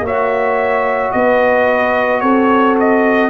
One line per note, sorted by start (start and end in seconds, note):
0.00 1.09 A#3
0.00 3.30 F#4
0.00 1.13 C#5
0.07 1.11 E5
1.11 2.22 B3
1.11 2.22 B4
1.11 2.20 D#5
2.20 3.30 C4
2.20 3.30 A4
2.20 2.75 C#5
2.79 3.30 D#5